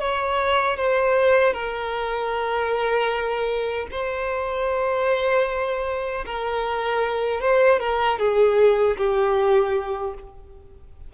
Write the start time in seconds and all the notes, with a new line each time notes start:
0.00 C#5
0.77 C5
1.53 A#4
3.91 C5
6.26 A#4
7.41 C5
7.80 A#4
8.19 G#4
8.97 G4